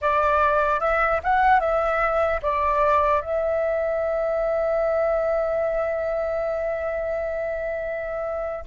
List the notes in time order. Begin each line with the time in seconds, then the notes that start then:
0.01 D5
0.80 E5
1.23 F#5
1.59 E5
2.42 D5
3.21 E5